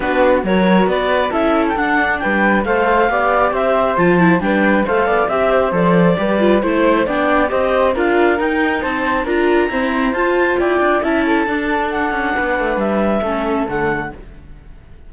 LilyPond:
<<
  \new Staff \with { instrumentName = "clarinet" } { \time 4/4 \tempo 4 = 136 b'4 cis''4 d''4 e''8. g''16 | fis''4 g''4 f''2 | e''4 a''4 g''4 f''4 | e''4 d''2 c''4 |
g''4 dis''4 f''4 g''4 | a''4 ais''2 a''4 | g''4 a''2 fis''4~ | fis''4 e''2 fis''4 | }
  \new Staff \with { instrumentName = "flute" } { \time 4/4 fis'4 ais'4 b'4 a'4~ | a'4 b'4 c''4 d''4 | c''2 b'4 c''8 d''8 | e''8 c''4. b'4 c''4 |
d''4 c''4 ais'2 | c''4 ais'4 c''2 | d''4 e''8 a'2~ a'8 | b'2 a'2 | }
  \new Staff \with { instrumentName = "viola" } { \time 4/4 d'4 fis'2 e'4 | d'2 a'4 g'4~ | g'4 f'8 e'8 d'4 a'4 | g'4 a'4 g'8 f'8 e'4 |
d'4 g'4 f'4 dis'4~ | dis'4 f'4 c'4 f'4~ | f'4 e'4 d'2~ | d'2 cis'4 a4 | }
  \new Staff \with { instrumentName = "cello" } { \time 4/4 b4 fis4 b4 cis'4 | d'4 g4 a4 b4 | c'4 f4 g4 a8 b8 | c'4 f4 g4 a4 |
b4 c'4 d'4 dis'4 | c'4 d'4 e'4 f'4 | e'8 d'8 cis'4 d'4. cis'8 | b8 a8 g4 a4 d4 | }
>>